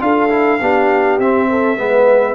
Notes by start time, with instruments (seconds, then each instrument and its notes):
0.00 tuba D4, trombone F4, horn A4, trumpet F5
0.30 trombone E4
0.61 tuba B3, trombone D4, horn G4
1.19 tuba C4, trombone C4, trumpet E5
1.50 horn A4
1.77 tuba G#3, trombone B3, horn B4